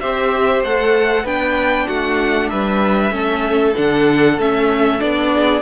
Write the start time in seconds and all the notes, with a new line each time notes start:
0.00 C4 G4 C5 E5
0.63 A3 A4 F#5
1.24 B3 D4 B4 G5
1.88 A3 F#4 F#5
2.49 G3 B4 E5
3.11 A3 C#4 A4
3.75 D3 D4 F#5
4.38 A3 C#4 E5
4.99 B3 D4 D5
5.33 G#4